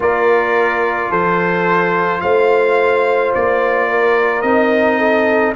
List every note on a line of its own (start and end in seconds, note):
0.00 1.10 A#3
0.00 4.44 F4
0.00 1.10 A#4
0.00 1.11 D5
1.10 2.21 F3
1.10 2.21 A4
1.10 2.20 C5
2.20 3.33 A3
2.20 3.89 C5
2.20 3.31 F5
3.34 4.42 A#3
3.34 4.41 D5
3.89 4.98 A#4
4.41 5.53 C4
4.41 5.55 D#4
4.41 5.52 D#5
4.98 5.53 A4